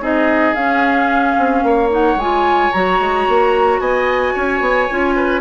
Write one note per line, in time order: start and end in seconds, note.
0.00 0.54 C4
0.00 0.55 D#4
0.00 1.64 G#4
0.00 0.54 D#5
0.54 1.36 C#4
0.54 1.90 C#4
0.54 1.90 F5
1.38 1.63 C4
1.63 2.15 A#3
1.63 3.81 C#5
1.90 2.17 D#4
1.90 2.20 F#5
2.15 2.69 G#3
2.15 2.73 F4
2.15 2.72 G#5
2.72 2.99 F#3
2.72 4.89 F#4
2.72 3.80 A#5
2.99 3.26 G#3
3.28 3.79 A#3
3.79 4.33 B3
3.79 4.34 D#5
3.79 5.41 G#5
4.34 4.60 C#4
4.34 5.15 C#5
4.60 4.87 B3
4.90 5.41 C#4
4.90 5.41 F4
5.16 5.41 B4